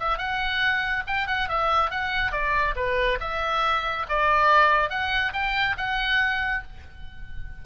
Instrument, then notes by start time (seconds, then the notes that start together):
oboe
0.00 E5
0.18 F#5
1.07 G5
1.27 F#5
1.49 E5
1.91 F#5
2.32 D5
2.76 B4
3.20 E5
4.09 D5
4.90 F#5
5.34 G5
5.77 F#5